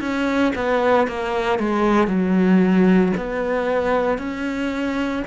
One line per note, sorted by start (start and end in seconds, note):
0.00 0.53 C#4
0.55 1.07 B3
1.07 1.59 A#3
1.59 2.07 G#3
2.07 3.12 F#3
3.17 4.18 B3
4.18 5.23 C#4